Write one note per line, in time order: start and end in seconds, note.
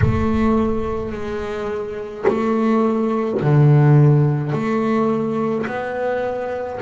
0.01 1.12 A3
1.12 2.25 G#3
2.27 3.41 A3
3.41 4.52 D3
4.52 5.65 A3
5.66 6.79 B3